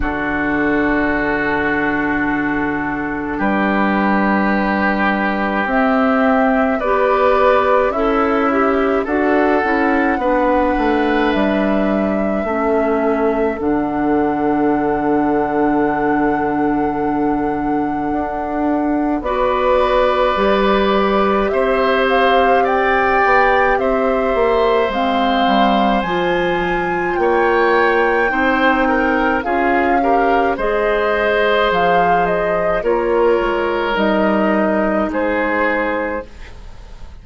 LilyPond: <<
  \new Staff \with { instrumentName = "flute" } { \time 4/4 \tempo 4 = 53 a'2. b'4~ | b'4 e''4 d''4 e''4 | fis''2 e''2 | fis''1~ |
fis''4 d''2 e''8 f''8 | g''4 e''4 f''4 gis''4 | g''2 f''4 dis''4 | f''8 dis''8 cis''4 dis''4 c''4 | }
  \new Staff \with { instrumentName = "oboe" } { \time 4/4 fis'2. g'4~ | g'2 b'4 e'4 | a'4 b'2 a'4~ | a'1~ |
a'4 b'2 c''4 | d''4 c''2. | cis''4 c''8 ais'8 gis'8 ais'8 c''4~ | c''4 ais'2 gis'4 | }
  \new Staff \with { instrumentName = "clarinet" } { \time 4/4 d'1~ | d'4 c'4 g'4 a'8 g'8 | fis'8 e'8 d'2 cis'4 | d'1~ |
d'4 fis'4 g'2~ | g'2 c'4 f'4~ | f'4 dis'4 f'8 g'8 gis'4~ | gis'4 f'4 dis'2 | }
  \new Staff \with { instrumentName = "bassoon" } { \time 4/4 d2. g4~ | g4 c'4 b4 cis'4 | d'8 cis'8 b8 a8 g4 a4 | d1 |
d'4 b4 g4 c'4~ | c'8 b8 c'8 ais8 gis8 g8 f4 | ais4 c'4 cis'4 gis4 | f4 ais8 gis8 g4 gis4 | }
>>